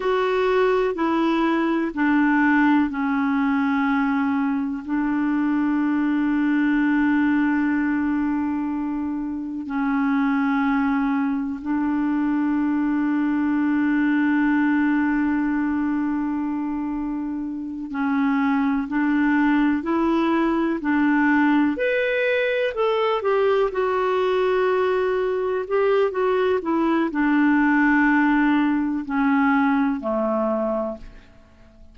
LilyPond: \new Staff \with { instrumentName = "clarinet" } { \time 4/4 \tempo 4 = 62 fis'4 e'4 d'4 cis'4~ | cis'4 d'2.~ | d'2 cis'2 | d'1~ |
d'2~ d'8 cis'4 d'8~ | d'8 e'4 d'4 b'4 a'8 | g'8 fis'2 g'8 fis'8 e'8 | d'2 cis'4 a4 | }